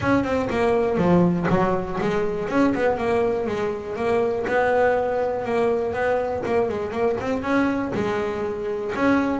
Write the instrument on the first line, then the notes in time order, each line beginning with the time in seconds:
double bass
0.00 C#4
0.24 C4
0.50 A#3
0.97 F3
1.49 F#3
2.00 G#3
2.49 C#4
2.74 B3
2.97 A#3
3.46 G#3
3.96 A#3
4.47 B3
5.44 A#3
5.93 B3
6.45 A#3
6.68 G#3
6.91 A#3
7.20 C4
7.42 C#4
7.94 G#3
8.95 C#4